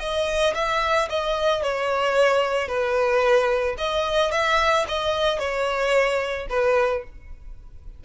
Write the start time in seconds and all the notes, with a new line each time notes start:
0.00 D#5
0.55 E5
1.10 D#5
1.63 C#5
2.68 B4
3.78 D#5
4.32 E5
4.88 D#5
5.39 C#5
6.50 B4